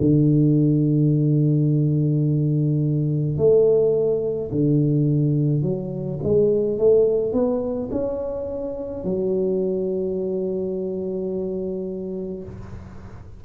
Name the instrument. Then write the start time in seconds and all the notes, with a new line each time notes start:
tuba
0.00 D3
3.37 A3
4.51 D3
5.62 F#3
6.23 G#3
6.78 A3
7.32 B3
7.91 C#4
9.04 F#3